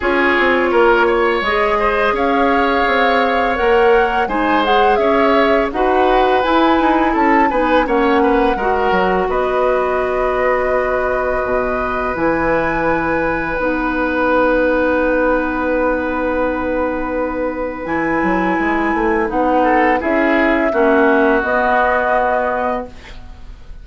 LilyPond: <<
  \new Staff \with { instrumentName = "flute" } { \time 4/4 \tempo 4 = 84 cis''2 dis''4 f''4~ | f''4 fis''4 gis''8 fis''8 e''4 | fis''4 gis''4 a''8 gis''8 fis''4~ | fis''4 dis''2.~ |
dis''4 gis''2 fis''4~ | fis''1~ | fis''4 gis''2 fis''4 | e''2 dis''2 | }
  \new Staff \with { instrumentName = "oboe" } { \time 4/4 gis'4 ais'8 cis''4 c''8 cis''4~ | cis''2 c''4 cis''4 | b'2 a'8 b'8 cis''8 b'8 | ais'4 b'2.~ |
b'1~ | b'1~ | b'2.~ b'8 a'8 | gis'4 fis'2. | }
  \new Staff \with { instrumentName = "clarinet" } { \time 4/4 f'2 gis'2~ | gis'4 ais'4 dis'8 gis'4. | fis'4 e'4. dis'8 cis'4 | fis'1~ |
fis'4 e'2 dis'4~ | dis'1~ | dis'4 e'2 dis'4 | e'4 cis'4 b2 | }
  \new Staff \with { instrumentName = "bassoon" } { \time 4/4 cis'8 c'8 ais4 gis4 cis'4 | c'4 ais4 gis4 cis'4 | dis'4 e'8 dis'8 cis'8 b8 ais4 | gis8 fis8 b2. |
b,4 e2 b4~ | b1~ | b4 e8 fis8 gis8 a8 b4 | cis'4 ais4 b2 | }
>>